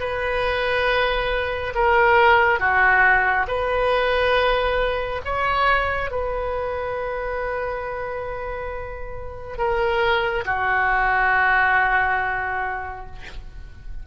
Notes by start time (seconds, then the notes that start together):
0.00 B4
1.75 A#4
2.60 F#4
3.48 B4
5.25 C#5
6.11 B4
9.58 A#4
10.45 F#4